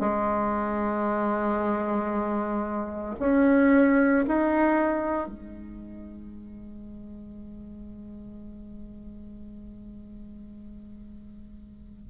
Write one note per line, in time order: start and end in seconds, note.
0.00 3.16 G#3
3.20 4.25 C#4
4.28 5.28 D#4
5.28 12.10 G#3